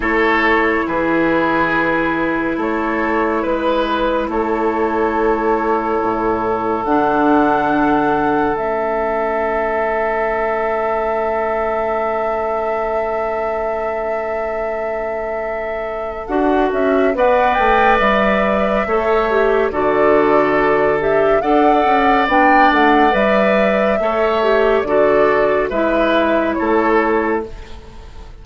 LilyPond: <<
  \new Staff \with { instrumentName = "flute" } { \time 4/4 \tempo 4 = 70 cis''4 b'2 cis''4 | b'4 cis''2. | fis''2 e''2~ | e''1~ |
e''2. fis''8 e''8 | fis''8 g''8 e''2 d''4~ | d''8 e''8 fis''4 g''8 fis''8 e''4~ | e''4 d''4 e''4 cis''4 | }
  \new Staff \with { instrumentName = "oboe" } { \time 4/4 a'4 gis'2 a'4 | b'4 a'2.~ | a'1~ | a'1~ |
a'1 | d''2 cis''4 a'4~ | a'4 d''2. | cis''4 a'4 b'4 a'4 | }
  \new Staff \with { instrumentName = "clarinet" } { \time 4/4 e'1~ | e'1 | d'2 cis'2~ | cis'1~ |
cis'2. fis'4 | b'2 a'8 g'8 fis'4~ | fis'8 g'8 a'4 d'4 b'4 | a'8 g'8 fis'4 e'2 | }
  \new Staff \with { instrumentName = "bassoon" } { \time 4/4 a4 e2 a4 | gis4 a2 a,4 | d2 a2~ | a1~ |
a2. d'8 cis'8 | b8 a8 g4 a4 d4~ | d4 d'8 cis'8 b8 a8 g4 | a4 d4 gis4 a4 | }
>>